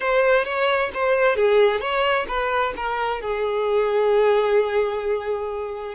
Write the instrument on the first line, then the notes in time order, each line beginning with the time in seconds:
violin
0.00 C5
0.45 C#5
0.93 C5
1.35 G#4
1.80 C#5
2.28 B4
2.76 A#4
3.21 G#4